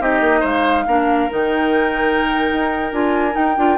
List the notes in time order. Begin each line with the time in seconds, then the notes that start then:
0.00 C4 D#4 G4 D#5
0.21 A#3
0.40 G#3 C5 F5
0.87 A#3 D4 A#4
1.29 D#3 D#4 G5
2.52 D#4
2.92 D4 F4 G#5
3.32 D#4 G5
3.57 D4 F4